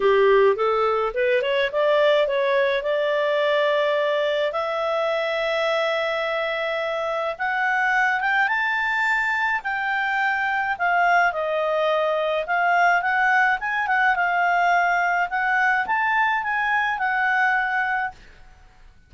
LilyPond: \new Staff \with { instrumentName = "clarinet" } { \time 4/4 \tempo 4 = 106 g'4 a'4 b'8 cis''8 d''4 | cis''4 d''2. | e''1~ | e''4 fis''4. g''8 a''4~ |
a''4 g''2 f''4 | dis''2 f''4 fis''4 | gis''8 fis''8 f''2 fis''4 | a''4 gis''4 fis''2 | }